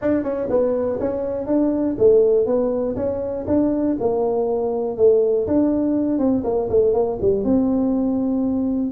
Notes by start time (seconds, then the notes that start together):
0.01 D4
0.23 C#4
0.49 B3
0.99 C#4
1.46 D4
1.98 A3
2.46 B3
2.95 C#4
3.47 D4
4.00 A#3
4.97 A3
5.47 D4
6.18 C4
6.43 A#3
6.69 A3
6.93 A#3
7.21 G3
7.44 C4